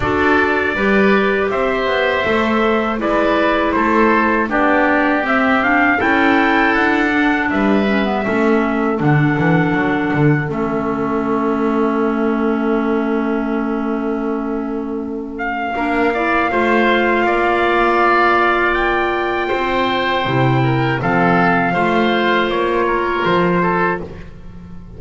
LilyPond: <<
  \new Staff \with { instrumentName = "trumpet" } { \time 4/4 \tempo 4 = 80 d''2 e''2 | d''4 c''4 d''4 e''8 f''8 | g''4 fis''4 e''2 | fis''2 e''2~ |
e''1~ | e''8 f''2.~ f''8~ | f''4 g''2. | f''2 cis''4 c''4 | }
  \new Staff \with { instrumentName = "oboe" } { \time 4/4 a'4 b'4 c''2 | b'4 a'4 g'2 | a'2 b'4 a'4~ | a'1~ |
a'1~ | a'4 ais'8 d''8 c''4 d''4~ | d''2 c''4. ais'8 | a'4 c''4. ais'4 a'8 | }
  \new Staff \with { instrumentName = "clarinet" } { \time 4/4 fis'4 g'2 a'4 | e'2 d'4 c'8 d'8 | e'4. d'4 cis'16 b16 cis'4 | d'2 cis'2~ |
cis'1~ | cis'4 d'8 e'8 f'2~ | f'2. e'4 | c'4 f'2. | }
  \new Staff \with { instrumentName = "double bass" } { \time 4/4 d'4 g4 c'8 b8 a4 | gis4 a4 b4 c'4 | cis'4 d'4 g4 a4 | d8 e8 fis8 d8 a2~ |
a1~ | a4 ais4 a4 ais4~ | ais2 c'4 c4 | f4 a4 ais4 f4 | }
>>